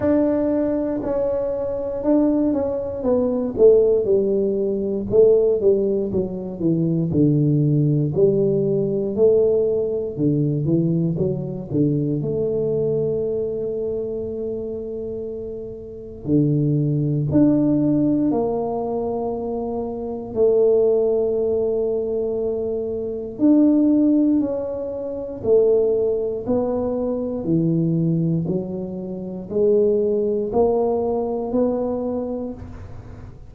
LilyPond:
\new Staff \with { instrumentName = "tuba" } { \time 4/4 \tempo 4 = 59 d'4 cis'4 d'8 cis'8 b8 a8 | g4 a8 g8 fis8 e8 d4 | g4 a4 d8 e8 fis8 d8 | a1 |
d4 d'4 ais2 | a2. d'4 | cis'4 a4 b4 e4 | fis4 gis4 ais4 b4 | }